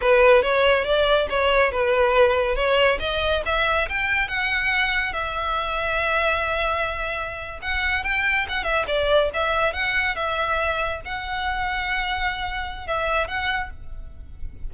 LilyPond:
\new Staff \with { instrumentName = "violin" } { \time 4/4 \tempo 4 = 140 b'4 cis''4 d''4 cis''4 | b'2 cis''4 dis''4 | e''4 g''4 fis''2 | e''1~ |
e''4.~ e''16 fis''4 g''4 fis''16~ | fis''16 e''8 d''4 e''4 fis''4 e''16~ | e''4.~ e''16 fis''2~ fis''16~ | fis''2 e''4 fis''4 | }